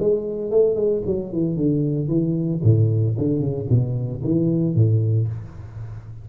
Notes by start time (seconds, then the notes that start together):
0.00 G#3
0.51 A3
0.76 G#3
1.06 F#3
1.33 E3
1.57 D3
2.08 E3
2.64 A2
3.18 D3
3.40 C#3
3.69 B2
4.24 E3
4.75 A2